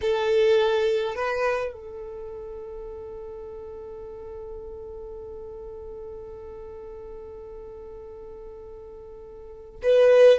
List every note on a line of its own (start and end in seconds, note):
0.01 1.15 A4
1.15 1.73 B4
1.73 9.80 A4
9.82 10.38 B4